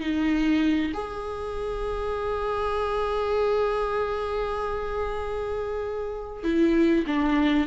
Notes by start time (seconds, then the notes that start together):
0.00 D#4
0.93 G#4
6.43 E4
7.06 D4